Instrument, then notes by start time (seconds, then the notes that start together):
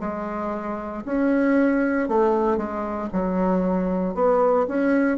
bassoon
0.00 G#3
1.05 C#4
2.08 A3
2.57 G#3
3.13 F#3
4.14 B3
4.68 C#4